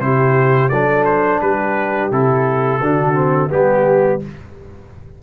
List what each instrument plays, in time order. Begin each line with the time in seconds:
0.00 tuba C3, trombone E4, horn G4, trumpet C5
0.69 tuba F#3, trombone D4, horn A4, trumpet D5
1.05 trumpet C5
1.41 tuba G3, horn G4, trumpet B4
2.11 tuba C3, trombone E4, trumpet A4
2.81 tuba D3, trombone D4, horn F#4
3.14 trombone C4
3.50 tuba G3, trombone B3, trumpet G4, horn G4